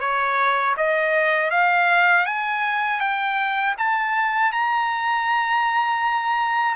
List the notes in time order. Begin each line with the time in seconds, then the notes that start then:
0.00 C#5
0.77 D#5
1.51 F5
2.26 G#5
3.00 G5
3.78 A5
4.52 A#5